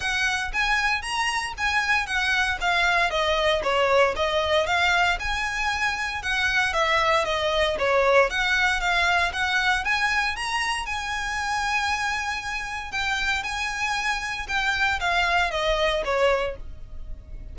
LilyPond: \new Staff \with { instrumentName = "violin" } { \time 4/4 \tempo 4 = 116 fis''4 gis''4 ais''4 gis''4 | fis''4 f''4 dis''4 cis''4 | dis''4 f''4 gis''2 | fis''4 e''4 dis''4 cis''4 |
fis''4 f''4 fis''4 gis''4 | ais''4 gis''2.~ | gis''4 g''4 gis''2 | g''4 f''4 dis''4 cis''4 | }